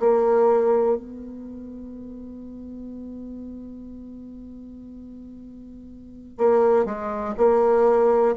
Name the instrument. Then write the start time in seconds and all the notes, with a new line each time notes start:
bassoon
0.00 A#3
0.97 B3
6.38 A#3
6.85 G#3
7.37 A#3